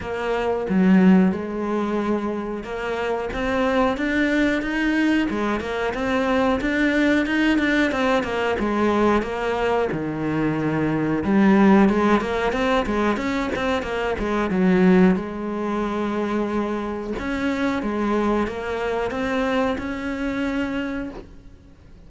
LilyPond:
\new Staff \with { instrumentName = "cello" } { \time 4/4 \tempo 4 = 91 ais4 fis4 gis2 | ais4 c'4 d'4 dis'4 | gis8 ais8 c'4 d'4 dis'8 d'8 | c'8 ais8 gis4 ais4 dis4~ |
dis4 g4 gis8 ais8 c'8 gis8 | cis'8 c'8 ais8 gis8 fis4 gis4~ | gis2 cis'4 gis4 | ais4 c'4 cis'2 | }